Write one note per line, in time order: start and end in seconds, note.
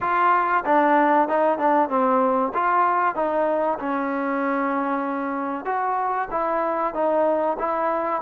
0.00 0.63 F4
0.65 1.28 D4
1.28 1.58 D#4
1.58 1.89 D4
1.89 2.52 C4
2.53 3.15 F4
3.15 3.78 D#4
3.79 5.65 C#4
5.65 6.28 F#4
6.30 6.93 E4
6.94 7.57 D#4
7.58 8.22 E4